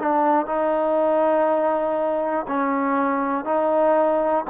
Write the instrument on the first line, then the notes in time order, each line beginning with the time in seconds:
trombone
0.00 D4
0.46 D#4
2.48 C#4
3.45 D#4